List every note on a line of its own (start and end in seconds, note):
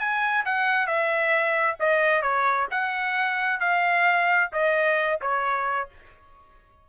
0.00 0.45 G#5
0.46 0.87 F#5
0.87 1.77 E5
1.80 2.22 D#5
2.22 2.68 C#5
2.71 3.60 F#5
3.60 4.51 F5
4.53 5.20 D#5
5.21 5.89 C#5